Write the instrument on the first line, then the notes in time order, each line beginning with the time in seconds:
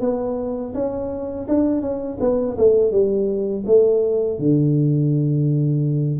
tuba
0.00 B3
0.74 C#4
1.48 D4
1.81 C#4
2.20 B3
2.58 A3
2.91 G3
3.66 A3
4.38 D3